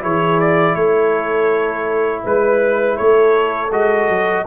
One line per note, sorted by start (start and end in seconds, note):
0.00 0.76 E3
0.00 3.70 E4
0.00 0.76 G#4
0.00 0.40 C#5
0.40 0.75 D5
0.75 2.24 A3
0.75 2.24 A4
0.75 2.23 C#5
2.24 2.99 G#3
2.24 2.97 B4
2.97 3.72 A3
2.97 4.45 A4
2.97 3.71 C#5
3.72 4.09 G#3
3.72 4.46 F#4
3.72 4.47 D#5
4.09 4.46 F#3